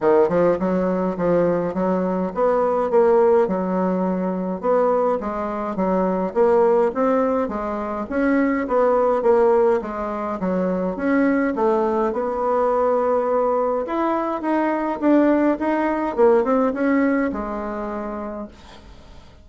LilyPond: \new Staff \with { instrumentName = "bassoon" } { \time 4/4 \tempo 4 = 104 dis8 f8 fis4 f4 fis4 | b4 ais4 fis2 | b4 gis4 fis4 ais4 | c'4 gis4 cis'4 b4 |
ais4 gis4 fis4 cis'4 | a4 b2. | e'4 dis'4 d'4 dis'4 | ais8 c'8 cis'4 gis2 | }